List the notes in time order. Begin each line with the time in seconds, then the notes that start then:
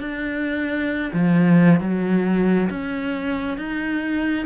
0.00 D4
1.13 F3
1.80 F#3
2.69 C#4
3.57 D#4